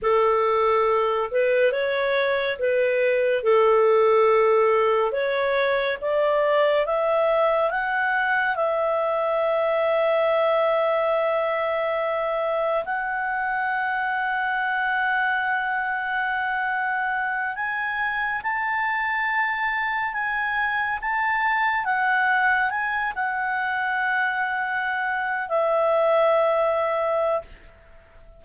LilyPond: \new Staff \with { instrumentName = "clarinet" } { \time 4/4 \tempo 4 = 70 a'4. b'8 cis''4 b'4 | a'2 cis''4 d''4 | e''4 fis''4 e''2~ | e''2. fis''4~ |
fis''1~ | fis''8 gis''4 a''2 gis''8~ | gis''8 a''4 fis''4 gis''8 fis''4~ | fis''4.~ fis''16 e''2~ e''16 | }